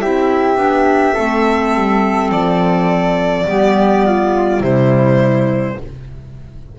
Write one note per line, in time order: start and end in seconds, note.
0.00 0.57 C4
0.00 0.56 E4
0.00 1.14 G4
0.00 2.31 E5
0.56 1.15 B3
0.56 1.14 D4
1.14 1.75 A3
1.14 3.46 C4
1.14 3.45 A4
1.75 2.30 G3
2.30 3.45 F3
2.30 4.62 D5
3.46 4.61 G3
3.46 4.61 B3
3.46 4.06 G4
4.06 4.61 F4
4.61 5.76 C3
4.61 5.79 G3
4.61 5.76 E4
4.61 5.79 C5